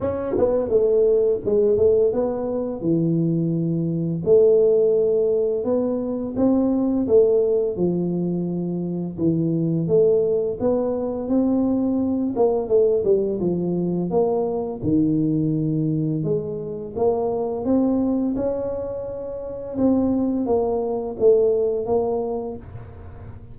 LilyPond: \new Staff \with { instrumentName = "tuba" } { \time 4/4 \tempo 4 = 85 cis'8 b8 a4 gis8 a8 b4 | e2 a2 | b4 c'4 a4 f4~ | f4 e4 a4 b4 |
c'4. ais8 a8 g8 f4 | ais4 dis2 gis4 | ais4 c'4 cis'2 | c'4 ais4 a4 ais4 | }